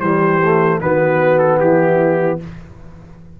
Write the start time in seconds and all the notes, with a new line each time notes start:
0.00 E3 G3 G4 C5
0.44 A3
0.81 D#3 B3 F#4 B4
1.38 A4
1.59 E3 E4 G4